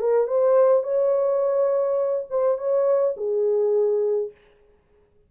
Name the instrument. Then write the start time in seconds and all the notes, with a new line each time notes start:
horn
0.00 A#4
0.27 C5
0.83 C#5
2.30 C5
2.58 C#5
3.17 G#4